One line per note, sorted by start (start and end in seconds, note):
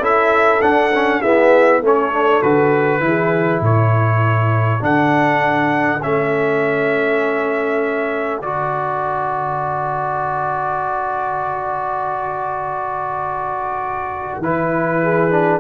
0.00 0.60 C#4
0.00 0.61 E4
0.00 1.22 A4
0.00 0.62 E5
0.61 0.92 D4
0.61 1.22 D4
0.61 1.22 F#5
0.94 1.24 C#4
1.22 1.83 B3
1.22 1.81 E4
1.22 1.82 G#4
1.22 1.82 E5
1.81 2.41 A3
1.81 2.13 C#4
1.81 3.03 A4
1.81 2.42 C#5
2.13 2.43 D4
2.42 3.00 D3
2.42 3.01 F#4
2.42 3.62 B4
3.00 3.60 E3
3.00 4.80 E4
3.07 3.65 G#4
3.61 4.81 A2
3.61 15.03 A4
3.61 4.84 C#5
4.80 6.02 D3
4.80 6.00 D4
4.80 6.03 F#5
6.03 8.41 A3
6.03 8.43 C#4
6.03 8.42 E5
8.41 14.38 D3
8.41 14.43 F#4
8.41 14.42 D5
14.38 15.58 E3
14.38 15.31 E4
14.38 15.60 B4
15.03 15.60 G#4
15.31 15.60 D4